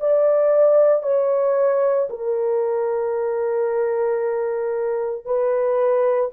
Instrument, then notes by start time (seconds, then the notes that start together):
horn
0.00 D5
1.03 C#5
2.10 A#4
5.25 B4